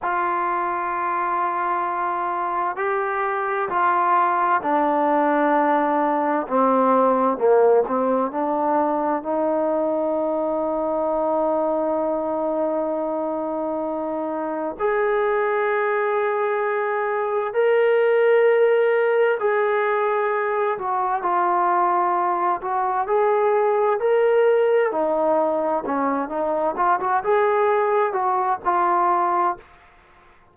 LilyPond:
\new Staff \with { instrumentName = "trombone" } { \time 4/4 \tempo 4 = 65 f'2. g'4 | f'4 d'2 c'4 | ais8 c'8 d'4 dis'2~ | dis'1 |
gis'2. ais'4~ | ais'4 gis'4. fis'8 f'4~ | f'8 fis'8 gis'4 ais'4 dis'4 | cis'8 dis'8 f'16 fis'16 gis'4 fis'8 f'4 | }